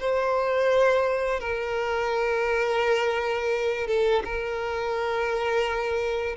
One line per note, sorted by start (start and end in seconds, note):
0.00 1.40 C5
1.40 3.87 A#4
3.87 4.23 A4
4.24 6.36 A#4